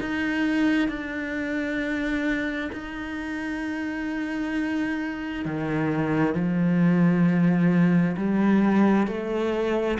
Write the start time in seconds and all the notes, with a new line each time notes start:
0.00 D#4
0.88 D4
2.72 D#4
5.45 D#3
6.34 F3
8.17 G3
9.07 A3